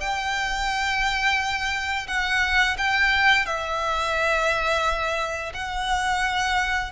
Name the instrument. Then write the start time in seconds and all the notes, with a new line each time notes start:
violin
0.00 G5
2.08 F#5
2.78 G5
3.45 E5
5.54 F#5